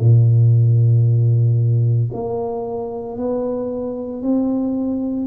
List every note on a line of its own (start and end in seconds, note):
0.00 2.11 A#2
2.13 3.18 A#3
3.18 4.22 B3
4.22 5.27 C4